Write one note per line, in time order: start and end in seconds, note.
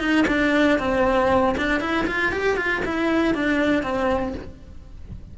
0.00 0.26 D#4
0.28 0.79 D4
0.79 1.56 C4
1.57 1.81 D4
1.81 2.07 E4
2.07 2.32 F4
2.32 2.57 G4
2.57 2.83 F4
2.86 3.35 E4
3.35 3.83 D4
3.83 4.34 C4